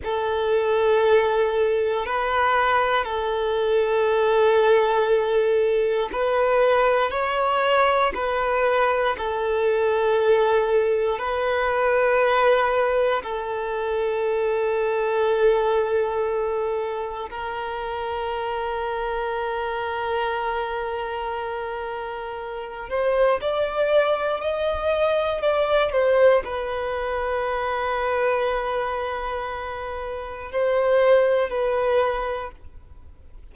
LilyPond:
\new Staff \with { instrumentName = "violin" } { \time 4/4 \tempo 4 = 59 a'2 b'4 a'4~ | a'2 b'4 cis''4 | b'4 a'2 b'4~ | b'4 a'2.~ |
a'4 ais'2.~ | ais'2~ ais'8 c''8 d''4 | dis''4 d''8 c''8 b'2~ | b'2 c''4 b'4 | }